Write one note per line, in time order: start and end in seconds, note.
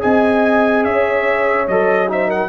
0.00 0.85 C4
0.00 1.67 G#4
0.00 0.85 D#5
0.00 0.84 G#5
0.84 1.67 C#4
0.84 2.10 C#5
0.84 1.67 E5
1.67 2.49 F#3
1.67 2.07 A4
1.67 2.09 D#5
2.07 2.49 D#4
2.07 2.27 C5
2.07 2.30 E5
2.27 2.48 A#4
2.27 2.49 F#5